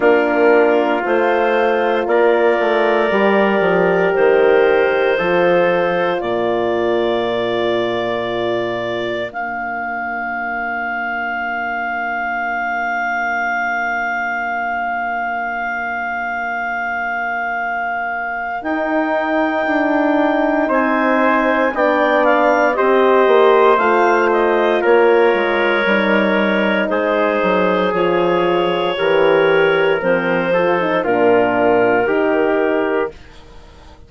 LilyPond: <<
  \new Staff \with { instrumentName = "clarinet" } { \time 4/4 \tempo 4 = 58 ais'4 c''4 d''2 | c''2 d''2~ | d''4 f''2.~ | f''1~ |
f''2 g''2 | gis''4 g''8 f''8 dis''4 f''8 dis''8 | cis''2 c''4 cis''4~ | cis''4 c''4 ais'2 | }
  \new Staff \with { instrumentName = "trumpet" } { \time 4/4 f'2 ais'2~ | ais'4 a'4 ais'2~ | ais'1~ | ais'1~ |
ais'1 | c''4 d''4 c''2 | ais'2 gis'2 | ais'4. a'8 f'4 g'4 | }
  \new Staff \with { instrumentName = "horn" } { \time 4/4 d'4 f'2 g'4~ | g'4 f'2.~ | f'4 d'2.~ | d'1~ |
d'2 dis'2~ | dis'4 d'4 g'4 f'4~ | f'4 dis'2 f'4 | g'4 c'8 f'16 dis'16 d'4 dis'4 | }
  \new Staff \with { instrumentName = "bassoon" } { \time 4/4 ais4 a4 ais8 a8 g8 f8 | dis4 f4 ais,2~ | ais,4 ais2.~ | ais1~ |
ais2 dis'4 d'4 | c'4 b4 c'8 ais8 a4 | ais8 gis8 g4 gis8 fis8 f4 | e4 f4 ais,4 dis4 | }
>>